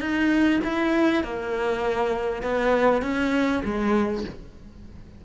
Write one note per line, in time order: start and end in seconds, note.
0.00 0.60 D#4
0.64 1.23 E4
1.23 2.42 A#3
2.42 3.02 B3
3.02 3.62 C#4
3.64 4.24 G#3